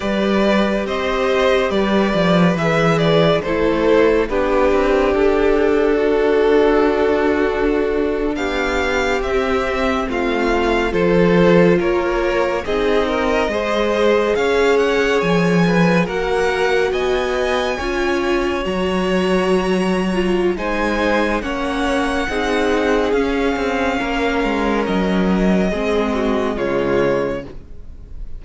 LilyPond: <<
  \new Staff \with { instrumentName = "violin" } { \time 4/4 \tempo 4 = 70 d''4 dis''4 d''4 e''8 d''8 | c''4 b'4 a'2~ | a'4.~ a'16 f''4 e''4 f''16~ | f''8. c''4 cis''4 dis''4~ dis''16~ |
dis''8. f''8 fis''8 gis''4 fis''4 gis''16~ | gis''4.~ gis''16 ais''2~ ais''16 | gis''4 fis''2 f''4~ | f''4 dis''2 cis''4 | }
  \new Staff \with { instrumentName = "violin" } { \time 4/4 b'4 c''4 b'2 | a'4 g'2 fis'4~ | fis'4.~ fis'16 g'2 f'16~ | f'8. a'4 ais'4 gis'8 ais'8 c''16~ |
c''8. cis''4. b'8 ais'4 dis''16~ | dis''8. cis''2.~ cis''16 | c''4 cis''4 gis'2 | ais'2 gis'8 fis'8 f'4 | }
  \new Staff \with { instrumentName = "viola" } { \time 4/4 g'2. gis'4 | e'4 d'2.~ | d'2~ d'8. c'4~ c'16~ | c'8. f'2 dis'4 gis'16~ |
gis'2~ gis'8. fis'4~ fis'16~ | fis'8. f'4 fis'4.~ fis'16 f'8 | dis'4 cis'4 dis'4 cis'4~ | cis'2 c'4 gis4 | }
  \new Staff \with { instrumentName = "cello" } { \time 4/4 g4 c'4 g8 f8 e4 | a4 b8 c'8 d'2~ | d'4.~ d'16 b4 c'4 a16~ | a8. f4 ais4 c'4 gis16~ |
gis8. cis'4 f4 ais4 b16~ | b8. cis'4 fis2~ fis16 | gis4 ais4 c'4 cis'8 c'8 | ais8 gis8 fis4 gis4 cis4 | }
>>